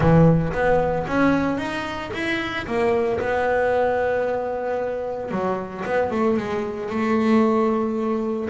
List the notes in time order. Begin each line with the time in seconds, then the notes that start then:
0.00 E3
0.52 B3
1.07 C#4
1.57 D#4
2.13 E4
2.66 A#3
3.20 B3
5.31 F#3
5.85 B3
6.10 A3
6.37 G#3
6.89 A3